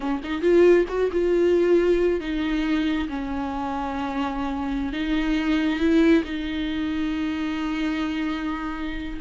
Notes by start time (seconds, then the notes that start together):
0.00 C#4
0.23 D#4
0.41 F4
0.88 F#4
1.11 F4
2.20 D#4
3.08 C#4
4.92 D#4
5.79 E4
6.24 D#4